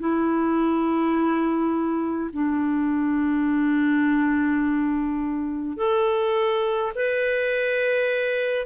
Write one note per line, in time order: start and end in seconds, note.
0.00 2.31 E4
2.33 5.77 D4
5.77 6.93 A4
6.95 8.66 B4